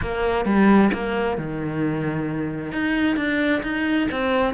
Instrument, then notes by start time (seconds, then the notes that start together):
cello
0.01 A#3
0.45 G3
0.93 A#3
1.37 D#3
2.72 D#4
3.16 D4
3.62 D#4
4.11 C4